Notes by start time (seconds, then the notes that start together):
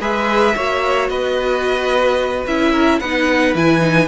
0.00 G#3 G#4 B4 E5
0.55 A#3 F#4 C#5
1.09 B3 B4 D#5
2.46 C#4 E4 E5
2.71 A#4
2.99 B3 D#4 B4 F#5
3.54 E3 E4 G#5
3.80 D#4